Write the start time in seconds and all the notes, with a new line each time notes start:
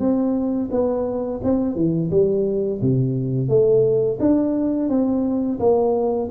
0.00 C4
0.72 B3
1.44 C4
1.76 E3
2.11 G3
2.82 C3
3.49 A3
4.20 D4
4.90 C4
5.60 A#3